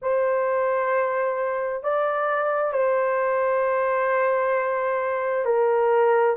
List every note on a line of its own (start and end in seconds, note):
0.02 1.83 C5
1.83 2.72 D5
2.72 5.45 C5
5.45 6.36 A#4